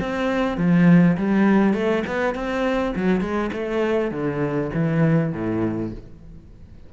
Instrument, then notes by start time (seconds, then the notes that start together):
cello
0.00 C4
0.58 F3
1.17 G3
1.74 A3
2.07 B3
2.35 C4
2.96 F#3
3.21 G#3
3.53 A3
4.12 D3
4.74 E3
5.33 A2